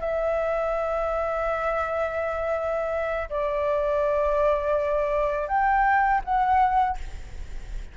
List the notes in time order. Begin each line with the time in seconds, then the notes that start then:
0.00 E5
3.30 D5
5.48 G5
6.24 F#5